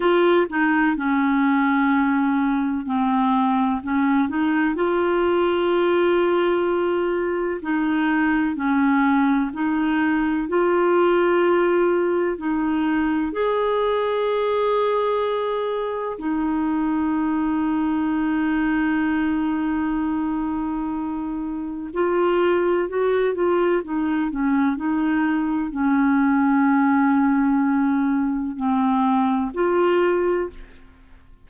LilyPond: \new Staff \with { instrumentName = "clarinet" } { \time 4/4 \tempo 4 = 63 f'8 dis'8 cis'2 c'4 | cis'8 dis'8 f'2. | dis'4 cis'4 dis'4 f'4~ | f'4 dis'4 gis'2~ |
gis'4 dis'2.~ | dis'2. f'4 | fis'8 f'8 dis'8 cis'8 dis'4 cis'4~ | cis'2 c'4 f'4 | }